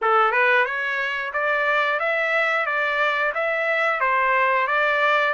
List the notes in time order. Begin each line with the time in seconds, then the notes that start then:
0.01 A4
0.32 B4
0.65 C#5
1.33 D5
1.99 E5
2.65 D5
3.34 E5
4.00 C5
4.67 D5